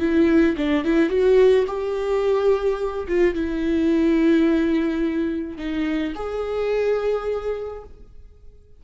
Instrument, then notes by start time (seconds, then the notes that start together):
viola
0.00 E4
0.57 D4
0.84 E4
1.10 F#4
1.67 G4
3.08 F4
3.34 E4
5.58 D#4
6.15 G#4